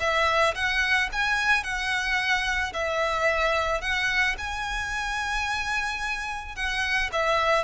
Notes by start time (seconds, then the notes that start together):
0.00 E5
0.55 F#5
1.13 G#5
1.64 F#5
2.74 E5
3.81 F#5
4.38 G#5
6.56 F#5
7.13 E5